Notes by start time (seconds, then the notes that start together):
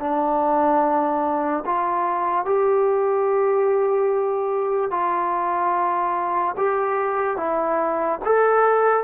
0.00 D4
1.66 F4
2.45 G4
4.91 F4
6.58 G4
7.37 E4
8.25 A4